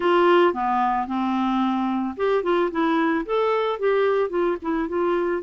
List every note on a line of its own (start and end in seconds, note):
0.00 0.53 F4
0.53 1.07 B3
1.07 2.15 C4
2.16 2.43 G4
2.43 2.70 F4
2.71 3.25 E4
3.25 3.79 A4
3.79 4.29 G4
4.29 4.57 F4
4.61 4.88 E4
4.88 5.42 F4